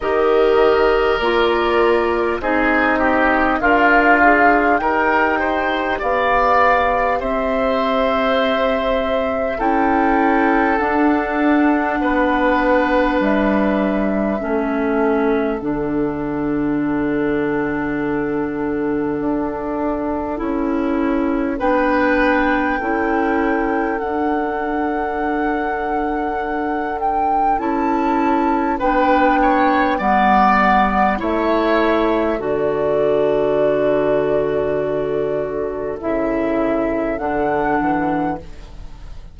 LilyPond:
<<
  \new Staff \with { instrumentName = "flute" } { \time 4/4 \tempo 4 = 50 dis''4 d''4 dis''4 f''4 | g''4 f''4 e''2 | g''4 fis''2 e''4~ | e''4 fis''2.~ |
fis''2 g''2 | fis''2~ fis''8 g''8 a''4 | g''4 fis''4 e''4 d''4~ | d''2 e''4 fis''4 | }
  \new Staff \with { instrumentName = "oboe" } { \time 4/4 ais'2 gis'8 g'8 f'4 | ais'8 c''8 d''4 c''2 | a'2 b'2 | a'1~ |
a'2 b'4 a'4~ | a'1 | b'8 cis''8 d''4 cis''4 a'4~ | a'1 | }
  \new Staff \with { instrumentName = "clarinet" } { \time 4/4 g'4 f'4 dis'4 ais'8 gis'8 | g'1 | e'4 d'2. | cis'4 d'2.~ |
d'4 e'4 d'4 e'4 | d'2. e'4 | d'4 b4 e'4 fis'4~ | fis'2 e'4 d'4 | }
  \new Staff \with { instrumentName = "bassoon" } { \time 4/4 dis4 ais4 c'4 d'4 | dis'4 b4 c'2 | cis'4 d'4 b4 g4 | a4 d2. |
d'4 cis'4 b4 cis'4 | d'2. cis'4 | b4 g4 a4 d4~ | d2 cis4 d8 e8 | }
>>